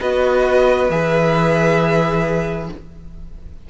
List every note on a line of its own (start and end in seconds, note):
0.00 0.90 B3
0.00 0.91 F#4
0.00 2.69 B4
0.00 0.91 D#5
0.90 2.69 E3
0.90 2.70 G#4
0.90 2.70 E5